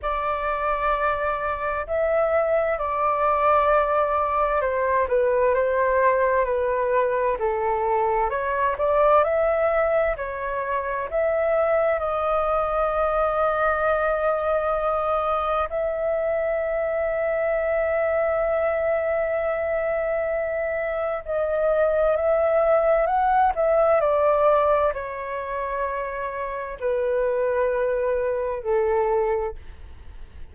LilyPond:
\new Staff \with { instrumentName = "flute" } { \time 4/4 \tempo 4 = 65 d''2 e''4 d''4~ | d''4 c''8 b'8 c''4 b'4 | a'4 cis''8 d''8 e''4 cis''4 | e''4 dis''2.~ |
dis''4 e''2.~ | e''2. dis''4 | e''4 fis''8 e''8 d''4 cis''4~ | cis''4 b'2 a'4 | }